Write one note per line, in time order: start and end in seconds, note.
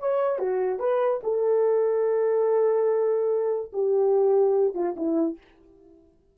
0.00 0.39 C#5
0.39 0.80 F#4
0.80 1.21 B4
1.24 3.72 A4
3.73 4.75 G4
4.75 4.96 F4
4.97 5.38 E4